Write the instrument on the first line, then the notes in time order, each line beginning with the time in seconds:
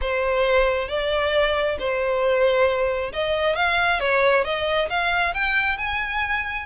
violin
0.01 C5
0.88 D5
1.79 C5
3.13 D#5
3.55 F5
3.99 C#5
4.44 D#5
4.89 F5
5.34 G5
5.77 G#5